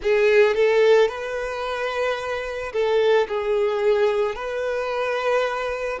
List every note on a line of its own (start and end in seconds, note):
0.02 0.55 G#4
0.55 1.08 A4
1.08 2.72 B4
2.72 3.27 A4
3.28 4.35 G#4
4.35 5.99 B4